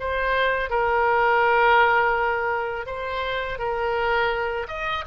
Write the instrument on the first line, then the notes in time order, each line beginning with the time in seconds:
oboe
0.00 C5
0.70 A#4
2.86 C5
3.59 A#4
4.68 D#5